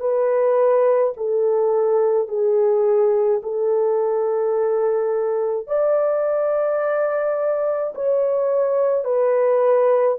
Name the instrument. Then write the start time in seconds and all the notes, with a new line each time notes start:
horn
0.00 B4
1.16 A4
2.28 G#4
3.43 A4
5.67 D5
7.95 C#5
9.04 B4